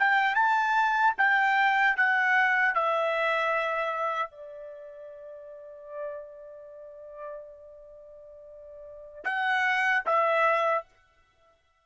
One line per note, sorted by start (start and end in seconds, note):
0.00 0.36 G5
0.36 1.14 A5
1.18 1.97 G5
1.97 2.75 F#5
2.75 4.31 E5
4.31 9.24 D5
9.24 10.03 F#5
10.06 10.85 E5